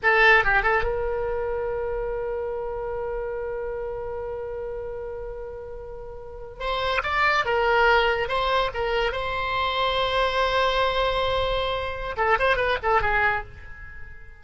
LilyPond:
\new Staff \with { instrumentName = "oboe" } { \time 4/4 \tempo 4 = 143 a'4 g'8 a'8 ais'2~ | ais'1~ | ais'1~ | ais'2.~ ais'8. c''16~ |
c''8. d''4 ais'2 c''16~ | c''8. ais'4 c''2~ c''16~ | c''1~ | c''4 a'8 c''8 b'8 a'8 gis'4 | }